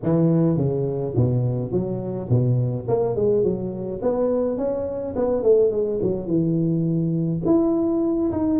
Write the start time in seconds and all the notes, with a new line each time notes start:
0.02 E3
0.57 C#3
1.16 B2
1.71 F#3
2.29 B2
2.88 A#3
3.15 G#3
3.43 F#3
4.02 B3
4.57 C#4
5.15 B3
5.42 A3
5.71 G#3
6.02 F#3
6.26 E3
7.45 E4
8.32 D#4